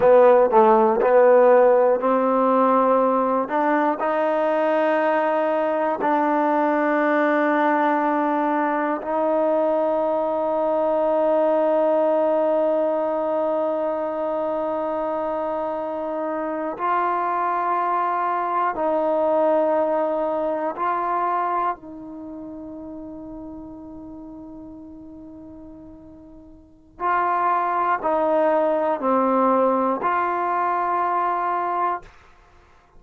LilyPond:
\new Staff \with { instrumentName = "trombone" } { \time 4/4 \tempo 4 = 60 b8 a8 b4 c'4. d'8 | dis'2 d'2~ | d'4 dis'2.~ | dis'1~ |
dis'8. f'2 dis'4~ dis'16~ | dis'8. f'4 dis'2~ dis'16~ | dis'2. f'4 | dis'4 c'4 f'2 | }